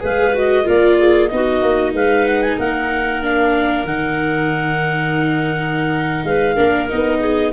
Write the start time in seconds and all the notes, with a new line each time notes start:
0.00 G#3 G#4 B4 F5
0.34 F#4 D#5
0.65 A#3 F4 A#4 D5
0.98 G#4
1.28 B3 D#4 D#5
1.35 F#4
1.63 A#3
1.93 G#3 B4 F5
2.28 F#5
2.42 G#5
2.58 A#3 A#4 F#5
3.22 D4 F5
3.85 D#3 D#4 F#5
6.24 G#3 B4 F5
6.55 A#3 D4 A#4
6.89 B3 D#4 D#5
7.20 G#4